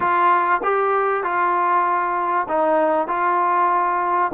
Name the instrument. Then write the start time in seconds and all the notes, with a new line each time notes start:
trombone
0.00 F4
0.63 G4
1.23 F4
2.48 D#4
3.07 F4